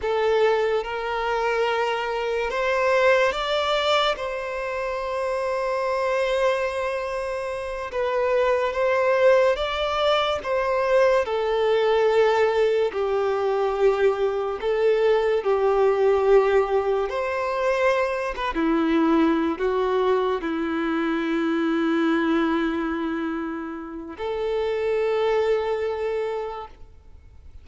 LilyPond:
\new Staff \with { instrumentName = "violin" } { \time 4/4 \tempo 4 = 72 a'4 ais'2 c''4 | d''4 c''2.~ | c''4. b'4 c''4 d''8~ | d''8 c''4 a'2 g'8~ |
g'4. a'4 g'4.~ | g'8 c''4. b'16 e'4~ e'16 fis'8~ | fis'8 e'2.~ e'8~ | e'4 a'2. | }